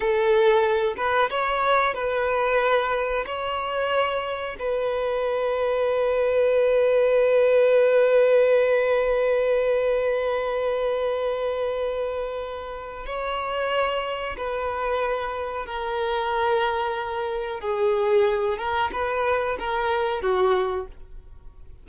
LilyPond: \new Staff \with { instrumentName = "violin" } { \time 4/4 \tempo 4 = 92 a'4. b'8 cis''4 b'4~ | b'4 cis''2 b'4~ | b'1~ | b'1~ |
b'1 | cis''2 b'2 | ais'2. gis'4~ | gis'8 ais'8 b'4 ais'4 fis'4 | }